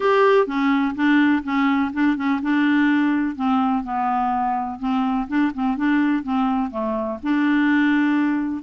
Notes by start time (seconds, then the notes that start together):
0.00 G4
0.46 C#4
0.95 D4
1.43 C#4
1.93 D4
2.16 C#4
2.42 D4
3.35 C4
3.83 B3
4.79 C4
5.28 D4
5.53 C4
5.76 D4
6.23 C4
6.70 A3
7.22 D4